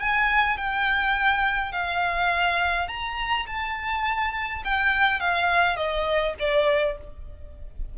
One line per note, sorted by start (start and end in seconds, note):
0.00 0.57 G#5
0.57 1.72 G5
1.72 2.88 F5
2.88 3.46 A#5
3.47 4.63 A5
4.65 5.20 G5
5.20 5.76 F5
5.76 6.35 D#5
6.39 6.98 D5